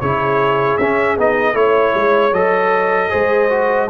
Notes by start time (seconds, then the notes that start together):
0.00 C#3 E4 G#4 C#5
0.77 C#4 E5
1.18 B3 D#4 D#5
1.53 A3 E4 C#5
1.94 G#3
2.32 F#3 A4 D#5
3.10 G#3 G#4 C5
3.49 F#4